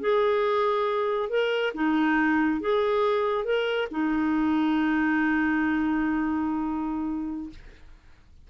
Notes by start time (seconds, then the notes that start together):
0.00 G#4
1.29 A#4
1.74 D#4
2.60 G#4
3.44 A#4
3.91 D#4